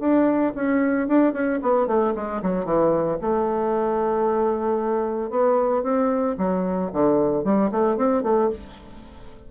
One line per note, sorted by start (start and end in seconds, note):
0.00 0.53 D4
0.56 1.08 C#4
1.08 1.33 D4
1.33 1.60 C#4
1.63 1.87 B3
1.87 2.14 A3
2.16 2.42 G#3
2.43 2.65 F#3
2.65 3.18 E3
3.21 5.31 A3
5.31 5.83 B3
5.83 6.36 C4
6.38 6.91 F#3
6.93 7.44 D3
7.44 7.71 G3
7.72 7.97 A3
7.97 8.23 C4
8.23 8.50 A3